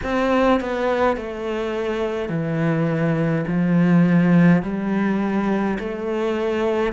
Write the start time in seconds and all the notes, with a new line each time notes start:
0.03 C4
0.60 B3
1.16 A3
2.29 E3
3.47 F3
4.62 G3
5.79 A3